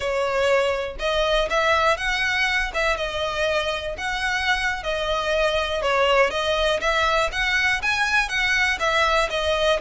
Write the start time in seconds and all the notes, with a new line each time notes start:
0.00 C#5
0.99 D#5
1.49 E5
1.97 F#5
2.74 E5
2.96 D#5
3.97 F#5
4.83 D#5
5.82 C#5
6.30 D#5
6.80 E5
7.31 F#5
7.81 G#5
8.28 F#5
8.79 E5
9.30 D#5